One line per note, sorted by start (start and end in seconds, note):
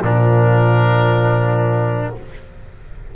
0.00 2.12 A#2
0.00 2.11 F3
0.00 2.15 D4
0.00 2.15 A#4